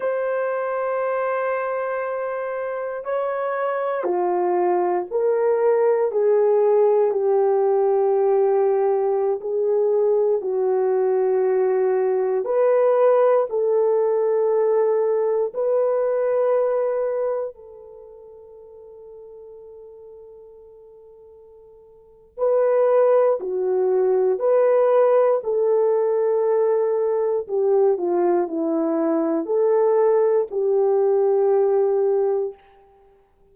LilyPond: \new Staff \with { instrumentName = "horn" } { \time 4/4 \tempo 4 = 59 c''2. cis''4 | f'4 ais'4 gis'4 g'4~ | g'4~ g'16 gis'4 fis'4.~ fis'16~ | fis'16 b'4 a'2 b'8.~ |
b'4~ b'16 a'2~ a'8.~ | a'2 b'4 fis'4 | b'4 a'2 g'8 f'8 | e'4 a'4 g'2 | }